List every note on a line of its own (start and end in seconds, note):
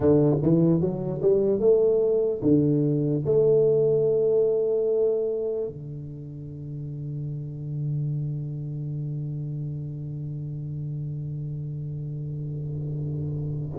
0.00 0.37 D3
0.42 0.80 E3
0.80 1.21 F#3
1.22 1.59 G3
1.59 2.40 A3
2.41 3.22 D3
3.25 5.68 A3
5.68 13.78 D3